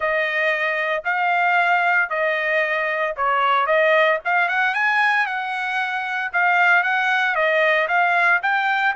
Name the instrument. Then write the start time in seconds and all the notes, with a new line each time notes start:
trumpet
0.00 D#5
1.04 F5
2.09 D#5
3.16 C#5
3.66 D#5
4.25 F5
4.48 F#5
4.74 G#5
5.26 F#5
6.33 F5
6.83 F#5
7.35 D#5
7.88 F5
8.42 G5